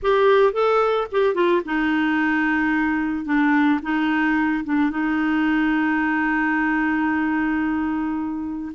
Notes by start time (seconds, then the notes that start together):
0.02 G4
0.52 A4
1.11 G4
1.34 F4
1.65 D#4
3.25 D4
3.82 D#4
4.64 D4
4.90 D#4